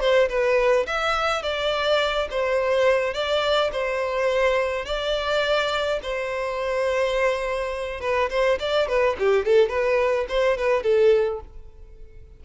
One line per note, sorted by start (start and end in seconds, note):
0.00 0.29 C5
0.29 0.86 B4
0.86 1.42 E5
1.42 2.28 D5
2.31 3.14 C5
3.14 3.71 D5
3.72 4.85 C5
4.85 5.99 D5
6.03 8.01 C5
8.01 8.29 B4
8.30 8.58 C5
8.59 8.88 D5
8.88 9.16 B4
9.19 9.45 G4
9.45 9.69 A4
9.69 10.26 B4
10.29 10.57 C5
10.57 10.83 B4
10.83 11.40 A4